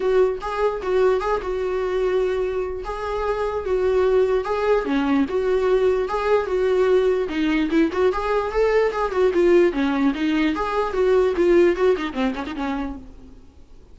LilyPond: \new Staff \with { instrumentName = "viola" } { \time 4/4 \tempo 4 = 148 fis'4 gis'4 fis'4 gis'8 fis'8~ | fis'2. gis'4~ | gis'4 fis'2 gis'4 | cis'4 fis'2 gis'4 |
fis'2 dis'4 e'8 fis'8 | gis'4 a'4 gis'8 fis'8 f'4 | cis'4 dis'4 gis'4 fis'4 | f'4 fis'8 dis'8 c'8 cis'16 dis'16 cis'4 | }